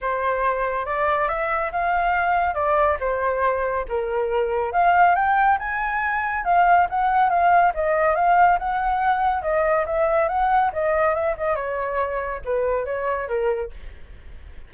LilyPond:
\new Staff \with { instrumentName = "flute" } { \time 4/4 \tempo 4 = 140 c''2 d''4 e''4 | f''2 d''4 c''4~ | c''4 ais'2 f''4 | g''4 gis''2 f''4 |
fis''4 f''4 dis''4 f''4 | fis''2 dis''4 e''4 | fis''4 dis''4 e''8 dis''8 cis''4~ | cis''4 b'4 cis''4 ais'4 | }